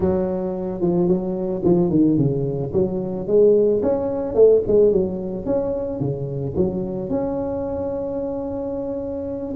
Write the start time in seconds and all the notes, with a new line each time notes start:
0.00 F#3
0.81 F3
1.08 F#3
1.64 F3
1.90 D#3
2.17 C#3
2.73 F#3
3.27 G#3
3.82 C#4
4.34 A3
4.67 G#3
4.91 F#3
5.45 C#4
6.00 C#3
6.56 F#3
7.09 C#4